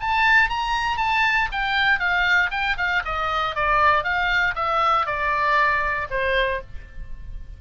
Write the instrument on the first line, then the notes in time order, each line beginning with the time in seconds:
oboe
0.00 A5
0.49 A#5
0.97 A5
1.52 G5
1.99 F5
2.51 G5
2.77 F5
3.05 D#5
3.55 D5
4.03 F5
4.55 E5
5.06 D5
6.10 C5